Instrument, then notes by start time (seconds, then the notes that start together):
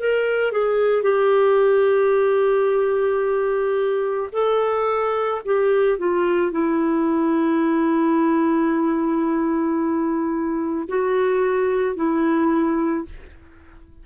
clarinet
0.00 A#4
0.52 G#4
1.03 G4
4.32 A4
5.45 G4
5.99 F4
6.52 E4
10.88 F#4
11.96 E4